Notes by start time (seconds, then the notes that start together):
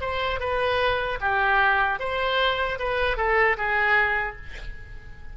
0.00 C5
0.39 B4
1.20 G4
1.99 C5
2.79 B4
3.17 A4
3.57 G#4